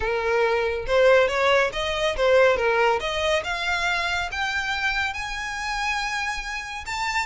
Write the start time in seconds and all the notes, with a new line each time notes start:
0.00 A#4
0.86 C5
1.28 C#5
1.73 D#5
2.16 C5
2.57 A#4
3.00 D#5
3.44 F5
4.31 G5
5.13 G#5
6.86 A5